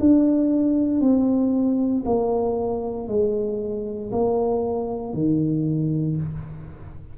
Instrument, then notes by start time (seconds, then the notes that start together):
tuba
0.00 D4
1.01 C4
2.05 A#3
3.08 G#3
4.12 A#3
5.13 D#3